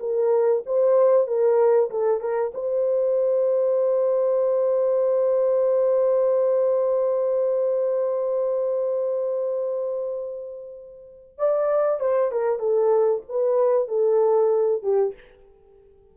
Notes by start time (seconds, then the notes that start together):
0.00 A#4
0.66 C5
1.27 A#4
1.91 A4
2.21 A#4
2.54 C5
11.38 D5
12.01 C5
12.32 A#4
12.60 A4
13.29 B4
13.88 A4
14.83 G4